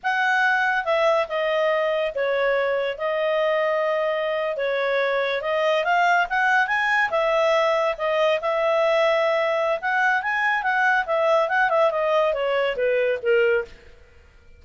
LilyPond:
\new Staff \with { instrumentName = "clarinet" } { \time 4/4 \tempo 4 = 141 fis''2 e''4 dis''4~ | dis''4 cis''2 dis''4~ | dis''2~ dis''8. cis''4~ cis''16~ | cis''8. dis''4 f''4 fis''4 gis''16~ |
gis''8. e''2 dis''4 e''16~ | e''2. fis''4 | gis''4 fis''4 e''4 fis''8 e''8 | dis''4 cis''4 b'4 ais'4 | }